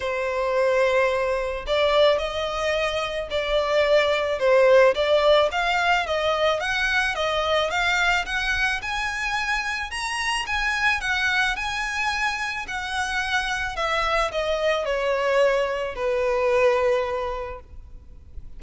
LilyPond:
\new Staff \with { instrumentName = "violin" } { \time 4/4 \tempo 4 = 109 c''2. d''4 | dis''2 d''2 | c''4 d''4 f''4 dis''4 | fis''4 dis''4 f''4 fis''4 |
gis''2 ais''4 gis''4 | fis''4 gis''2 fis''4~ | fis''4 e''4 dis''4 cis''4~ | cis''4 b'2. | }